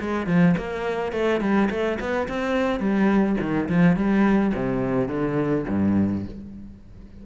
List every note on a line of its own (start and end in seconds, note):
0.00 0.27 G#3
0.27 0.55 F3
0.57 1.12 A#3
1.12 1.40 A3
1.40 1.69 G3
1.70 1.98 A3
1.99 2.28 B3
2.28 2.79 C4
2.79 3.36 G3
3.40 3.68 D#3
3.69 3.96 F3
3.96 4.53 G3
4.54 5.08 C3
5.08 5.64 D3
5.68 6.25 G2